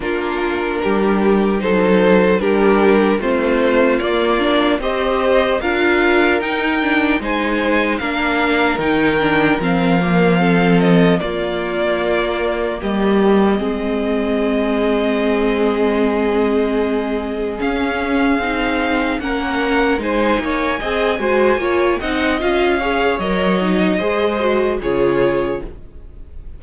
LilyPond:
<<
  \new Staff \with { instrumentName = "violin" } { \time 4/4 \tempo 4 = 75 ais'2 c''4 ais'4 | c''4 d''4 dis''4 f''4 | g''4 gis''4 f''4 g''4 | f''4. dis''8 d''2 |
dis''1~ | dis''2 f''2 | fis''4 gis''2~ gis''8 fis''8 | f''4 dis''2 cis''4 | }
  \new Staff \with { instrumentName = "violin" } { \time 4/4 f'4 g'4 a'4 g'4 | f'2 c''4 ais'4~ | ais'4 c''4 ais'2~ | ais'4 a'4 f'2 |
g'4 gis'2.~ | gis'1 | ais'4 c''8 cis''8 dis''8 c''8 cis''8 dis''8~ | dis''8 cis''4. c''4 gis'4 | }
  \new Staff \with { instrumentName = "viola" } { \time 4/4 d'2 dis'4 d'4 | c'4 ais8 d'8 g'4 f'4 | dis'8 d'8 dis'4 d'4 dis'8 d'8 | c'8 ais8 c'4 ais2~ |
ais4 c'2.~ | c'2 cis'4 dis'4 | cis'4 dis'4 gis'8 fis'8 f'8 dis'8 | f'8 gis'8 ais'8 dis'8 gis'8 fis'8 f'4 | }
  \new Staff \with { instrumentName = "cello" } { \time 4/4 ais4 g4 fis4 g4 | a4 ais4 c'4 d'4 | dis'4 gis4 ais4 dis4 | f2 ais2 |
g4 gis2.~ | gis2 cis'4 c'4 | ais4 gis8 ais8 c'8 gis8 ais8 c'8 | cis'4 fis4 gis4 cis4 | }
>>